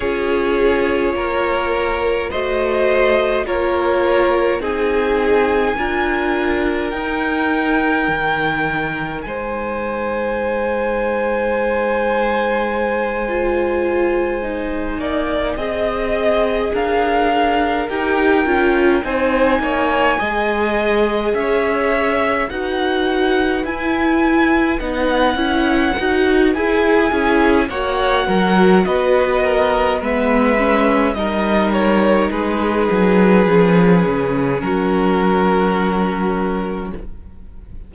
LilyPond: <<
  \new Staff \with { instrumentName = "violin" } { \time 4/4 \tempo 4 = 52 cis''2 dis''4 cis''4 | gis''2 g''2 | gis''1~ | gis''4. dis''4 f''4 g''8~ |
g''8 gis''2 e''4 fis''8~ | fis''8 gis''4 fis''4. gis''4 | fis''4 dis''4 e''4 dis''8 cis''8 | b'2 ais'2 | }
  \new Staff \with { instrumentName = "violin" } { \time 4/4 gis'4 ais'4 c''4 ais'4 | gis'4 ais'2. | c''1~ | c''4 d''8 dis''4 ais'4.~ |
ais'8 c''8 cis''8 dis''4 cis''4 b'8~ | b'2.~ b'8 gis'8 | cis''8 ais'8 b'8 ais'8 b'4 ais'4 | gis'2 fis'2 | }
  \new Staff \with { instrumentName = "viola" } { \time 4/4 f'2 fis'4 f'4 | dis'4 f'4 dis'2~ | dis'2.~ dis'8 f'8~ | f'8 dis'4 gis'2 g'8 |
f'8 dis'4 gis'2 fis'8~ | fis'8 e'4 dis'8 e'8 fis'8 gis'8 e'8 | fis'2 b8 cis'8 dis'4~ | dis'4 cis'2. | }
  \new Staff \with { instrumentName = "cello" } { \time 4/4 cis'4 ais4 a4 ais4 | c'4 d'4 dis'4 dis4 | gis1~ | gis4 ais8 c'4 d'4 dis'8 |
cis'8 c'8 ais8 gis4 cis'4 dis'8~ | dis'8 e'4 b8 cis'8 dis'8 e'8 cis'8 | ais8 fis8 b4 gis4 g4 | gis8 fis8 f8 cis8 fis2 | }
>>